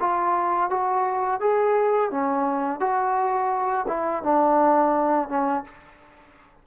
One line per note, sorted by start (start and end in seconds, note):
0.00 0.70 F4
0.70 1.41 F#4
1.41 2.11 G#4
2.11 2.80 C#4
2.80 3.86 F#4
3.88 4.23 E4
4.23 5.29 D4
5.29 5.64 C#4